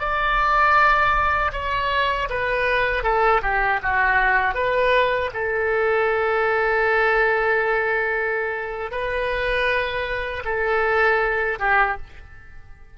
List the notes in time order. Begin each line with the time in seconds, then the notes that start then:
0.00 D5
1.53 C#5
2.30 B4
3.04 A4
3.42 G4
3.83 F#4
4.55 B4
5.34 A4
8.92 B4
10.45 A4
11.60 G4